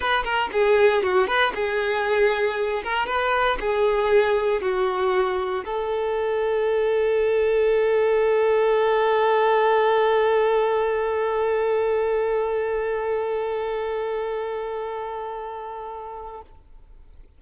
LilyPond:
\new Staff \with { instrumentName = "violin" } { \time 4/4 \tempo 4 = 117 b'8 ais'8 gis'4 fis'8 b'8 gis'4~ | gis'4. ais'8 b'4 gis'4~ | gis'4 fis'2 a'4~ | a'1~ |
a'1~ | a'1~ | a'1~ | a'1 | }